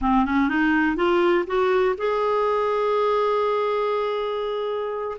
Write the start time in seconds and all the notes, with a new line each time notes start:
0.01 C4
0.25 C#4
0.48 D#4
0.96 F4
1.46 F#4
1.97 G#4